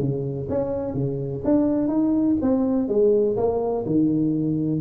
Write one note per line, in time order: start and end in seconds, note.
0.00 0.48 C#3
0.50 0.94 C#4
0.94 1.42 C#3
1.44 1.88 D4
1.88 2.36 D#4
2.42 2.89 C4
2.89 3.37 G#3
3.37 3.85 A#3
3.86 4.81 D#3